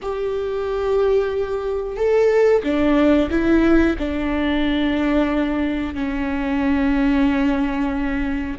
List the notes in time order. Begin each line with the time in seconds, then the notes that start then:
0.02 G4
1.96 A4
2.63 D4
3.30 E4
3.98 D4
5.94 C#4